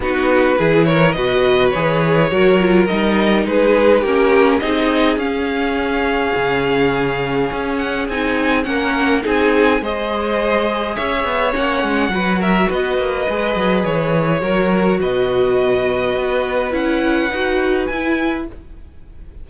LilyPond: <<
  \new Staff \with { instrumentName = "violin" } { \time 4/4 \tempo 4 = 104 b'4. cis''8 dis''4 cis''4~ | cis''4 dis''4 b'4 ais'4 | dis''4 f''2.~ | f''4. fis''8 gis''4 fis''4 |
gis''4 dis''2 e''4 | fis''4. e''8 dis''2 | cis''2 dis''2~ | dis''4 fis''2 gis''4 | }
  \new Staff \with { instrumentName = "violin" } { \time 4/4 fis'4 gis'8 ais'8 b'2 | ais'2 gis'4 g'4 | gis'1~ | gis'2. ais'4 |
gis'4 c''2 cis''4~ | cis''4 b'8 ais'8 b'2~ | b'4 ais'4 b'2~ | b'1 | }
  \new Staff \with { instrumentName = "viola" } { \time 4/4 dis'4 e'4 fis'4 gis'4 | fis'8 f'8 dis'2 cis'4 | dis'4 cis'2.~ | cis'2 dis'4 cis'4 |
dis'4 gis'2. | cis'4 fis'2 gis'4~ | gis'4 fis'2.~ | fis'4 e'4 fis'4 e'4 | }
  \new Staff \with { instrumentName = "cello" } { \time 4/4 b4 e4 b,4 e4 | fis4 g4 gis4 ais4 | c'4 cis'2 cis4~ | cis4 cis'4 c'4 ais4 |
c'4 gis2 cis'8 b8 | ais8 gis8 fis4 b8 ais8 gis8 fis8 | e4 fis4 b,2 | b4 cis'4 dis'4 e'4 | }
>>